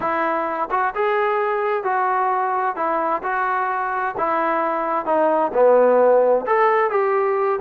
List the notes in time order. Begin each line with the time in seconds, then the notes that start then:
0.00 E4
0.70 F#4
0.95 G#4
1.83 F#4
2.75 E4
3.23 F#4
4.17 E4
5.05 D#4
5.53 B3
6.46 A4
6.90 G4